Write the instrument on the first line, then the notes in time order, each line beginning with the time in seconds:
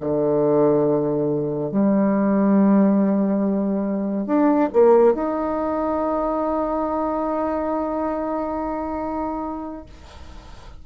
bassoon
0.00 D3
1.71 G3
4.26 D4
4.73 A#3
5.14 D#4